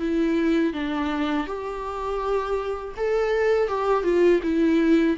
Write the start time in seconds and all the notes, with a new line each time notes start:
0.00 E4
0.74 D4
1.47 G4
2.97 A4
3.69 G4
4.04 F4
4.43 E4